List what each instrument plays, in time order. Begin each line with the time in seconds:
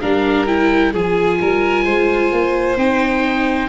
0.00 tuba G3, viola D4, violin A#4, oboe F5
0.46 viola E4, oboe G5
0.92 tuba F3, viola F4, violin G#4, oboe G#5
1.41 tuba G3, violin A#4
1.84 tuba G#3, violin C5
2.32 tuba A#3
2.77 tuba C4, viola D#4, oboe G5